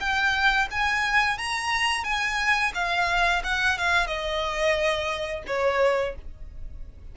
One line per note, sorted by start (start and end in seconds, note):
0.00 0.68 G5
0.71 1.38 G#5
1.38 2.04 A#5
2.04 2.72 G#5
2.74 3.42 F5
3.44 3.78 F#5
3.78 4.07 F5
4.07 5.43 D#5
5.47 6.15 C#5